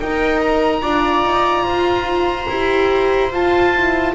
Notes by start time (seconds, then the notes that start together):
0.00 D#4 A#4 G5
0.41 A#5
0.81 D4 F4 D5
1.23 D#4
1.63 F4 C5
2.49 E4 G4
3.31 F4 A5
3.74 E4